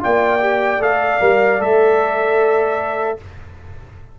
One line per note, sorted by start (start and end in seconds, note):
0.00 0.80 A#3
0.00 0.39 F4
0.00 3.19 D5
0.00 0.83 G5
0.40 0.80 G4
0.80 1.19 A3
0.80 1.20 A4
0.80 1.62 F5
1.20 1.60 G3
1.20 1.60 A#4
1.60 3.18 A3
1.60 3.18 A4
1.60 3.19 E5